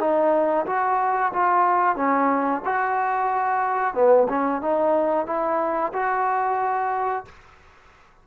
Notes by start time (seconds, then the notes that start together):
0.00 D#4
0.67 F#4
1.33 F4
1.96 C#4
2.65 F#4
3.95 B3
4.29 C#4
4.62 D#4
5.26 E4
5.93 F#4